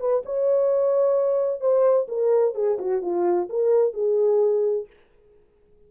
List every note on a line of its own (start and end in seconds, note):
0.00 0.23 B4
0.26 1.61 C#5
1.61 2.08 C5
2.09 2.55 A#4
2.55 2.78 G#4
2.79 3.02 F#4
3.02 3.49 F4
3.50 3.94 A#4
3.94 4.87 G#4